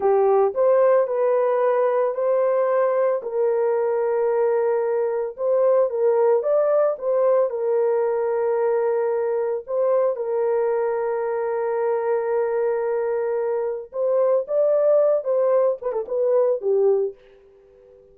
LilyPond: \new Staff \with { instrumentName = "horn" } { \time 4/4 \tempo 4 = 112 g'4 c''4 b'2 | c''2 ais'2~ | ais'2 c''4 ais'4 | d''4 c''4 ais'2~ |
ais'2 c''4 ais'4~ | ais'1~ | ais'2 c''4 d''4~ | d''8 c''4 b'16 a'16 b'4 g'4 | }